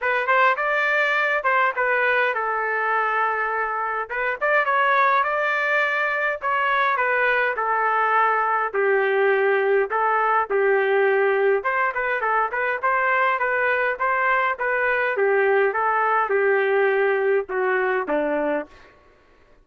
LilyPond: \new Staff \with { instrumentName = "trumpet" } { \time 4/4 \tempo 4 = 103 b'8 c''8 d''4. c''8 b'4 | a'2. b'8 d''8 | cis''4 d''2 cis''4 | b'4 a'2 g'4~ |
g'4 a'4 g'2 | c''8 b'8 a'8 b'8 c''4 b'4 | c''4 b'4 g'4 a'4 | g'2 fis'4 d'4 | }